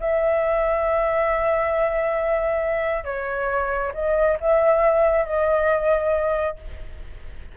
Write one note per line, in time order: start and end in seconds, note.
0.00 3.05 E5
3.05 3.92 C#5
3.94 4.38 D#5
4.40 5.26 E5
5.26 6.57 D#5